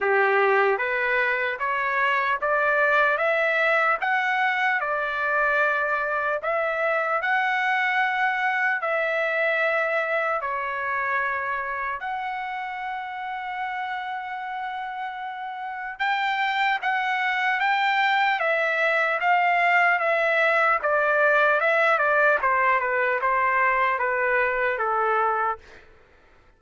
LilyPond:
\new Staff \with { instrumentName = "trumpet" } { \time 4/4 \tempo 4 = 75 g'4 b'4 cis''4 d''4 | e''4 fis''4 d''2 | e''4 fis''2 e''4~ | e''4 cis''2 fis''4~ |
fis''1 | g''4 fis''4 g''4 e''4 | f''4 e''4 d''4 e''8 d''8 | c''8 b'8 c''4 b'4 a'4 | }